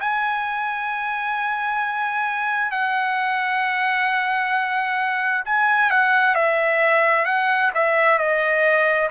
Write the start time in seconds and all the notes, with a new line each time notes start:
0.00 G#5
2.71 F#5
5.45 G#5
5.90 F#5
6.35 E5
7.25 F#5
7.74 E5
8.18 D#5